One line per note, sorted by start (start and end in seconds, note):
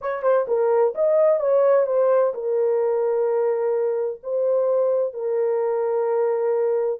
0.01 0.22 C#5
0.22 0.45 C5
0.47 0.94 A#4
0.95 1.39 D#5
1.39 1.86 C#5
1.86 2.33 C5
2.34 4.21 A#4
4.23 5.13 C5
5.13 7.00 A#4